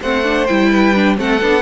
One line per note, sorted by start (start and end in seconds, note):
0.00 0.48 A3
0.00 0.23 C4
0.00 0.70 C5
0.00 0.46 F#5
0.23 0.46 D4
0.46 1.18 G3
0.46 0.95 E4
0.46 1.16 G5
0.70 1.17 B4
0.95 1.16 D4
1.16 1.41 A3
1.16 1.39 C4
1.16 1.62 A4
1.16 1.62 F#5
1.41 1.62 B3
1.41 1.62 D4